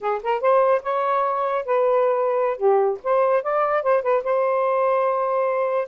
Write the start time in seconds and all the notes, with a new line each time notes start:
0.00 G#4
0.22 A#4
0.40 C5
0.83 C#5
1.65 B4
2.57 G4
3.03 C5
3.42 D5
3.82 C5
4.02 B4
4.23 C5